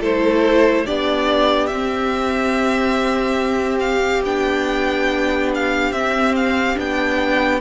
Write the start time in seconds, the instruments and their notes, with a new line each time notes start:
0.00 cello A3, viola E4, violin A4 C5
0.85 cello B3, viola D4, violin G4 D5
1.66 cello C4, viola C4, violin E5
3.80 violin F5
4.24 cello B3, viola D4, violin G5
5.54 violin F5
5.91 cello C4, viola C4, violin E5
6.36 violin F5
6.75 cello B3, viola D4, violin G5